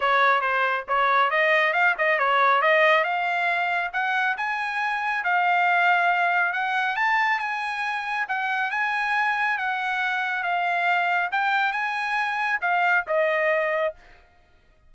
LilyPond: \new Staff \with { instrumentName = "trumpet" } { \time 4/4 \tempo 4 = 138 cis''4 c''4 cis''4 dis''4 | f''8 dis''8 cis''4 dis''4 f''4~ | f''4 fis''4 gis''2 | f''2. fis''4 |
a''4 gis''2 fis''4 | gis''2 fis''2 | f''2 g''4 gis''4~ | gis''4 f''4 dis''2 | }